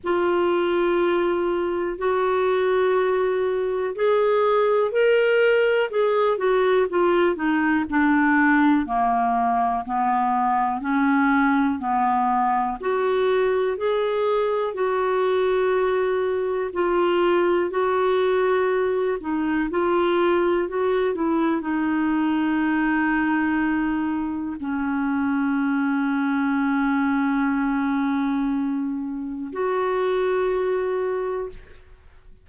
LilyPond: \new Staff \with { instrumentName = "clarinet" } { \time 4/4 \tempo 4 = 61 f'2 fis'2 | gis'4 ais'4 gis'8 fis'8 f'8 dis'8 | d'4 ais4 b4 cis'4 | b4 fis'4 gis'4 fis'4~ |
fis'4 f'4 fis'4. dis'8 | f'4 fis'8 e'8 dis'2~ | dis'4 cis'2.~ | cis'2 fis'2 | }